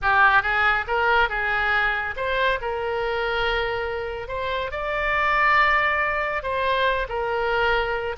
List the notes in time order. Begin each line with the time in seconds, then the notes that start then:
0.02 G4
0.42 G#4
0.87 A#4
1.29 G#4
2.16 C5
2.61 A#4
4.28 C5
4.71 D5
6.42 C5
7.08 A#4